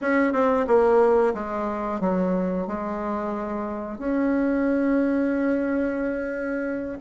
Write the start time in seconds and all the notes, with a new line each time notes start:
0.01 C#4
0.32 C4
0.67 A#3
1.34 G#3
2.00 F#3
2.67 G#3
3.98 C#4